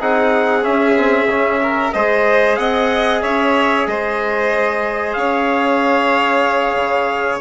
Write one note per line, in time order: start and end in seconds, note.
0.00 0.66 C4
0.00 0.63 D#4
0.00 1.61 G#4
0.00 0.64 F#5
0.63 0.95 C#4
0.63 1.27 C#4
0.63 1.93 E5
0.96 1.28 C4
1.27 1.92 C#3
1.27 1.94 C#4
1.62 1.94 A#4
1.93 2.58 G#3
1.93 7.41 G#4
1.93 2.59 C5
1.93 2.56 D#5
2.56 3.23 C4
2.56 3.23 D#5
2.56 3.21 F#5
3.23 3.87 C#4
3.23 3.87 C#5
3.23 3.87 E5
3.87 5.16 G#3
3.87 5.18 C5
3.87 5.13 D#5
5.13 6.76 C#4
5.13 7.41 C#5
5.13 7.39 F5
6.76 7.40 C#3